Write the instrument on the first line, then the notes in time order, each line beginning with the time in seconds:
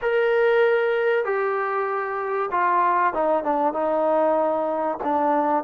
trombone
0.01 A#4
1.24 G4
2.51 F4
3.13 D#4
3.43 D4
3.73 D#4
5.03 D4